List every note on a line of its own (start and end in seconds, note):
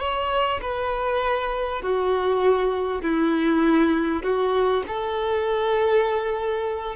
0.00 0.61 C#5
0.62 1.82 B4
1.82 3.02 F#4
3.02 4.23 E4
4.23 4.84 F#4
4.88 6.96 A4